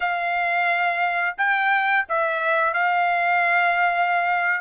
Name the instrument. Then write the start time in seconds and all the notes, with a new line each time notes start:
trumpet
0.00 F5
1.37 G5
2.08 E5
2.73 F5